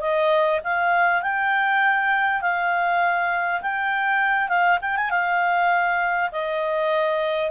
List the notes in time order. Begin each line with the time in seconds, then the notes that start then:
0.00 D#5
0.63 F5
1.22 G5
2.41 F5
3.61 G5
4.48 F5
4.81 G5
4.96 G#5
5.10 F5
6.32 D#5